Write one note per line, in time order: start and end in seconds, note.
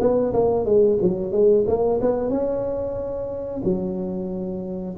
0.00 0.33 B3
0.33 0.65 A#3
0.65 0.98 G#3
1.01 1.32 F#3
1.32 1.65 G#3
1.67 2.00 A#3
2.01 2.30 B3
2.30 3.61 C#4
3.64 4.96 F#3